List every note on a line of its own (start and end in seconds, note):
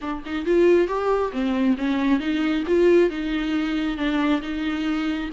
0.01 0.23 D4
0.25 0.45 D#4
0.45 0.87 F4
0.87 1.31 G4
1.32 1.76 C4
1.77 2.19 C#4
2.19 2.63 D#4
2.67 3.09 F4
3.09 3.97 D#4
3.97 4.41 D4
4.41 5.30 D#4